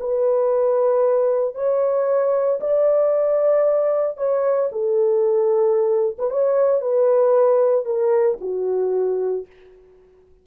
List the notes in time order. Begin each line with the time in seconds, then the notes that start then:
0.00 B4
1.55 C#5
2.61 D5
4.17 C#5
4.72 A4
6.18 B4
6.31 C#5
6.81 B4
7.85 A#4
8.41 F#4